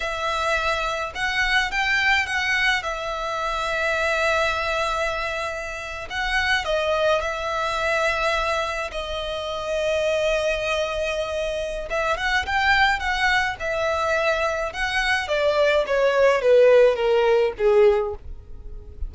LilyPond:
\new Staff \with { instrumentName = "violin" } { \time 4/4 \tempo 4 = 106 e''2 fis''4 g''4 | fis''4 e''2.~ | e''2~ e''8. fis''4 dis''16~ | dis''8. e''2. dis''16~ |
dis''1~ | dis''4 e''8 fis''8 g''4 fis''4 | e''2 fis''4 d''4 | cis''4 b'4 ais'4 gis'4 | }